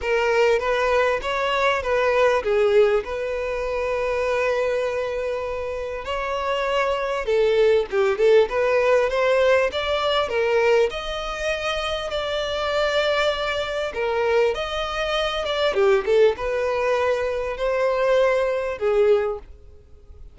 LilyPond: \new Staff \with { instrumentName = "violin" } { \time 4/4 \tempo 4 = 99 ais'4 b'4 cis''4 b'4 | gis'4 b'2.~ | b'2 cis''2 | a'4 g'8 a'8 b'4 c''4 |
d''4 ais'4 dis''2 | d''2. ais'4 | dis''4. d''8 g'8 a'8 b'4~ | b'4 c''2 gis'4 | }